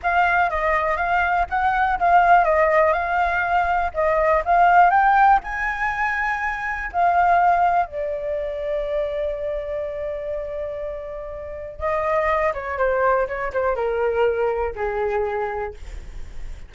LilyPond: \new Staff \with { instrumentName = "flute" } { \time 4/4 \tempo 4 = 122 f''4 dis''4 f''4 fis''4 | f''4 dis''4 f''2 | dis''4 f''4 g''4 gis''4~ | gis''2 f''2 |
d''1~ | d''1 | dis''4. cis''8 c''4 cis''8 c''8 | ais'2 gis'2 | }